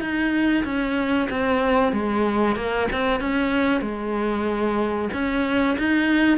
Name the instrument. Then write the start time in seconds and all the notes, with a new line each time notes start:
cello
0.00 D#4
0.64 C#4
1.29 C4
1.92 G#3
2.56 A#3
2.92 C4
3.20 C#4
3.81 G#3
5.13 C#4
5.78 D#4